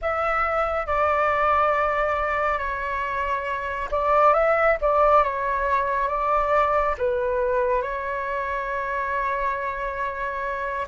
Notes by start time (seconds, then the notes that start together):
0.01 E5
0.86 D5
2.58 C#5
3.91 D5
4.33 E5
4.81 D5
5.23 C#5
6.08 D5
6.98 B4
7.82 C#5